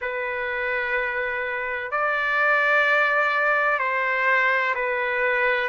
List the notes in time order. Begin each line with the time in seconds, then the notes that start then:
0.01 B4
1.91 D5
3.78 C5
4.74 B4